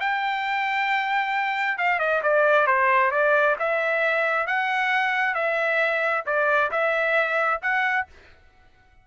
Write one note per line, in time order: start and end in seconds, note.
0.00 1.78 G5
1.78 1.99 F5
1.99 2.21 D#5
2.23 2.67 D5
2.67 3.11 C5
3.11 3.56 D5
3.59 4.47 E5
4.47 5.34 F#5
5.34 6.24 E5
6.26 6.71 D5
6.71 7.61 E5
7.62 8.07 F#5